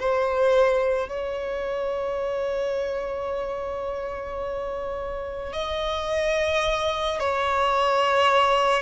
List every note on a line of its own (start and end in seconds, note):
0.00 1.09 C5
1.09 5.54 C#5
5.54 7.20 D#5
7.20 8.83 C#5